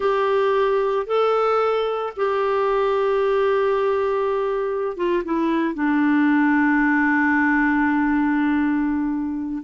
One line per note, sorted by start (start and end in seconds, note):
0.00 1.06 G4
1.06 2.13 A4
2.16 4.96 G4
4.96 5.23 F4
5.24 5.74 E4
5.74 9.62 D4